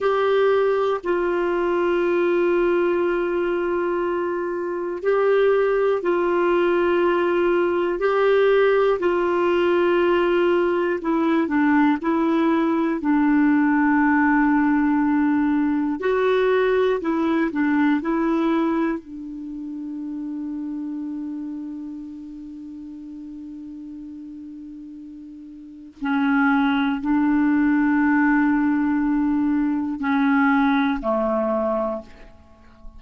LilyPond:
\new Staff \with { instrumentName = "clarinet" } { \time 4/4 \tempo 4 = 60 g'4 f'2.~ | f'4 g'4 f'2 | g'4 f'2 e'8 d'8 | e'4 d'2. |
fis'4 e'8 d'8 e'4 d'4~ | d'1~ | d'2 cis'4 d'4~ | d'2 cis'4 a4 | }